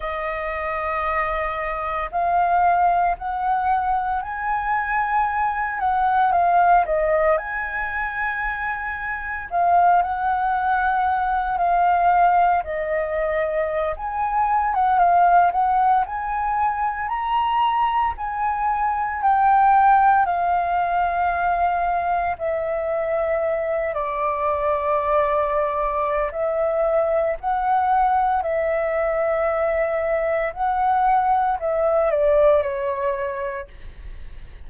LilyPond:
\new Staff \with { instrumentName = "flute" } { \time 4/4 \tempo 4 = 57 dis''2 f''4 fis''4 | gis''4. fis''8 f''8 dis''8 gis''4~ | gis''4 f''8 fis''4. f''4 | dis''4~ dis''16 gis''8. fis''16 f''8 fis''8 gis''8.~ |
gis''16 ais''4 gis''4 g''4 f''8.~ | f''4~ f''16 e''4. d''4~ d''16~ | d''4 e''4 fis''4 e''4~ | e''4 fis''4 e''8 d''8 cis''4 | }